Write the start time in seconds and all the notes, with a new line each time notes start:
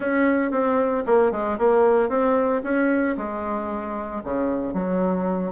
0.00 C#4
0.51 C4
1.06 A#3
1.31 G#3
1.58 A#3
2.09 C4
2.63 C#4
3.17 G#3
4.23 C#3
4.73 F#3